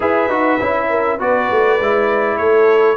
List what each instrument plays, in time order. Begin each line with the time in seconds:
0.00 tuba E4, trombone G#4, horn B4, trumpet E5
0.28 tuba D#4, trombone F#4
0.60 tuba C#4, trombone E4
0.89 horn A#4
1.18 tuba B3, trombone F#4, horn B4, trumpet D5
1.50 tuba A3
1.79 tuba G#3, trombone E4
2.37 tuba A3, horn A4, trumpet C#5